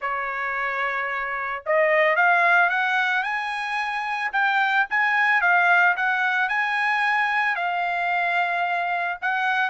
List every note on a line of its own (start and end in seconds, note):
0.01 1.63 C#5
1.66 2.15 D#5
2.15 2.69 F5
2.69 3.23 F#5
3.23 4.31 G#5
4.32 4.86 G5
4.90 5.41 G#5
5.41 5.95 F5
5.96 6.49 F#5
6.49 7.55 G#5
7.55 9.17 F5
9.21 9.69 F#5